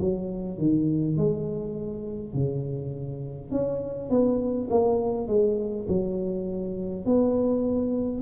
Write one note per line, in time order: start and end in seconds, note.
0.00 0.58 F#3
0.58 1.17 D#3
1.17 2.34 G#3
2.34 3.51 C#3
3.51 4.10 C#4
4.10 4.68 B3
4.70 5.27 A#3
5.27 5.86 G#3
5.88 7.05 F#3
7.05 8.21 B3